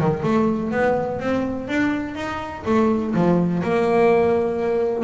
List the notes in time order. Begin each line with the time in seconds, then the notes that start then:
0.00 D#3
0.23 A3
0.71 B3
1.20 C4
1.68 D4
2.16 D#4
2.66 A3
3.15 F3
3.64 A#3